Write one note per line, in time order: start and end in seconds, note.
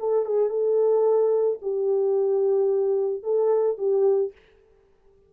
0.00 0.26 A4
0.26 0.50 G#4
0.50 1.59 A4
1.62 3.24 G4
3.24 3.78 A4
3.78 4.33 G4